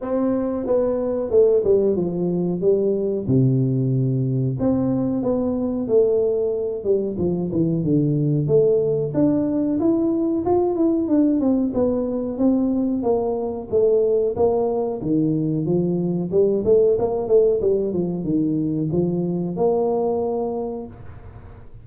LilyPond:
\new Staff \with { instrumentName = "tuba" } { \time 4/4 \tempo 4 = 92 c'4 b4 a8 g8 f4 | g4 c2 c'4 | b4 a4. g8 f8 e8 | d4 a4 d'4 e'4 |
f'8 e'8 d'8 c'8 b4 c'4 | ais4 a4 ais4 dis4 | f4 g8 a8 ais8 a8 g8 f8 | dis4 f4 ais2 | }